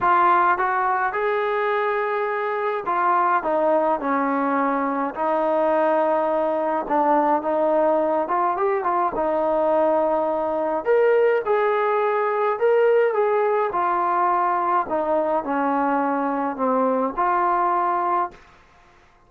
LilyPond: \new Staff \with { instrumentName = "trombone" } { \time 4/4 \tempo 4 = 105 f'4 fis'4 gis'2~ | gis'4 f'4 dis'4 cis'4~ | cis'4 dis'2. | d'4 dis'4. f'8 g'8 f'8 |
dis'2. ais'4 | gis'2 ais'4 gis'4 | f'2 dis'4 cis'4~ | cis'4 c'4 f'2 | }